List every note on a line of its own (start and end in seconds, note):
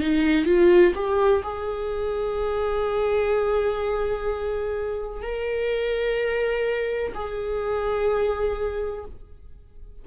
0.00 0.45 D#4
0.45 0.93 F4
0.95 1.43 G4
1.43 5.23 G#4
5.23 7.13 A#4
7.15 9.05 G#4